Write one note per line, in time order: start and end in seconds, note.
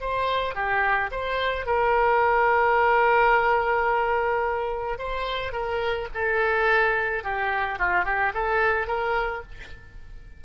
0.00 0.55 C5
0.55 1.10 G4
1.11 1.66 C5
1.66 4.98 A#4
4.98 5.52 C5
5.52 6.08 A#4
6.14 7.23 A4
7.23 7.79 G4
7.79 8.05 F4
8.05 8.32 G4
8.34 8.87 A4
8.87 9.42 A#4